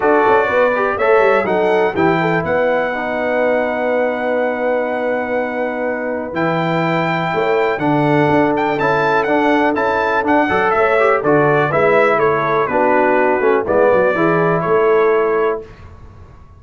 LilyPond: <<
  \new Staff \with { instrumentName = "trumpet" } { \time 4/4 \tempo 4 = 123 d''2 e''4 fis''4 | g''4 fis''2.~ | fis''1~ | fis''4 g''2. |
fis''4. g''8 a''4 fis''4 | a''4 fis''4 e''4 d''4 | e''4 cis''4 b'2 | d''2 cis''2 | }
  \new Staff \with { instrumentName = "horn" } { \time 4/4 a'4 b'4 cis''4 a'4 | g'8 a'8 b'2.~ | b'1~ | b'2. cis''4 |
a'1~ | a'4. d''8 cis''4 a'4 | b'4 a'4 fis'2 | e'8 fis'8 gis'4 a'2 | }
  \new Staff \with { instrumentName = "trombone" } { \time 4/4 fis'4. g'8 a'4 dis'4 | e'2 dis'2~ | dis'1~ | dis'4 e'2. |
d'2 e'4 d'4 | e'4 d'8 a'4 g'8 fis'4 | e'2 d'4. cis'8 | b4 e'2. | }
  \new Staff \with { instrumentName = "tuba" } { \time 4/4 d'8 cis'8 b4 a8 g8 fis4 | e4 b2.~ | b1~ | b4 e2 a4 |
d4 d'4 cis'4 d'4 | cis'4 d'8 fis8 a4 d4 | gis4 a4 b4. a8 | gis8 fis8 e4 a2 | }
>>